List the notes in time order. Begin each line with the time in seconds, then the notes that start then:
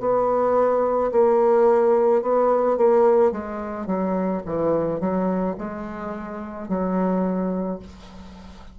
0.00 B3
1.12 A#3
2.22 B3
2.77 A#3
3.31 G#3
3.86 F#3
4.45 E3
5.00 F#3
5.58 G#3
6.68 F#3